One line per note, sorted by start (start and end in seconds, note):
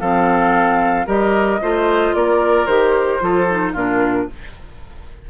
0.00 1.07 F3
0.00 1.06 C4
0.00 1.07 A4
0.00 1.07 F5
1.06 1.60 G3
1.06 1.60 G4
1.06 1.60 A#4
1.06 2.15 D#5
1.61 2.15 A3
1.61 2.68 F4
1.61 2.15 C5
2.15 2.67 A#3
2.15 3.23 A#4
2.15 2.66 D5
2.66 3.20 D#3
2.66 3.20 G4
2.66 3.73 C5
3.20 3.74 F3
3.20 3.47 F4
3.20 3.73 A4
3.50 3.75 D#4
3.73 4.28 A#2
3.73 4.29 D4
3.73 4.27 F4
3.73 4.30 A#4